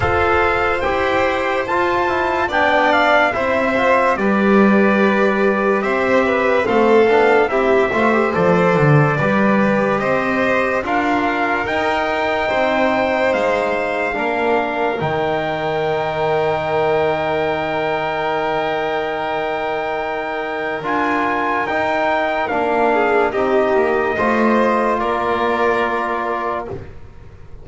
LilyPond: <<
  \new Staff \with { instrumentName = "trumpet" } { \time 4/4 \tempo 4 = 72 f''4 g''4 a''4 g''8 f''8 | e''4 d''2 e''4 | f''4 e''4 d''2 | dis''4 f''4 g''2 |
f''2 g''2~ | g''1~ | g''4 gis''4 g''4 f''4 | dis''2 d''2 | }
  \new Staff \with { instrumentName = "violin" } { \time 4/4 c''2. d''4 | c''4 b'2 c''8 b'8 | a'4 g'8 c''4. b'4 | c''4 ais'2 c''4~ |
c''4 ais'2.~ | ais'1~ | ais'2.~ ais'8 gis'8 | g'4 c''4 ais'2 | }
  \new Staff \with { instrumentName = "trombone" } { \time 4/4 a'4 g'4 f'8 e'8 d'4 | e'8 f'8 g'2. | c'8 d'8 e'8 f'16 g'16 a'4 g'4~ | g'4 f'4 dis'2~ |
dis'4 d'4 dis'2~ | dis'1~ | dis'4 f'4 dis'4 d'4 | dis'4 f'2. | }
  \new Staff \with { instrumentName = "double bass" } { \time 4/4 f'4 e'4 f'4 b4 | c'4 g2 c'4 | a8 b8 c'8 a8 f8 d8 g4 | c'4 d'4 dis'4 c'4 |
gis4 ais4 dis2~ | dis1~ | dis4 d'4 dis'4 ais4 | c'8 ais8 a4 ais2 | }
>>